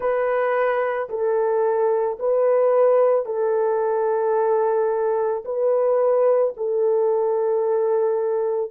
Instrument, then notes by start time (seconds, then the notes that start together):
horn
0.00 B4
1.09 A4
2.19 B4
3.25 A4
5.44 B4
6.57 A4